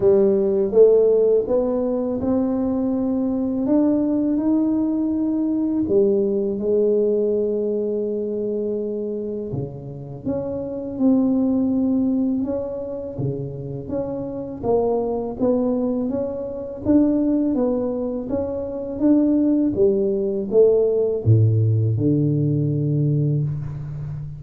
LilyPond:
\new Staff \with { instrumentName = "tuba" } { \time 4/4 \tempo 4 = 82 g4 a4 b4 c'4~ | c'4 d'4 dis'2 | g4 gis2.~ | gis4 cis4 cis'4 c'4~ |
c'4 cis'4 cis4 cis'4 | ais4 b4 cis'4 d'4 | b4 cis'4 d'4 g4 | a4 a,4 d2 | }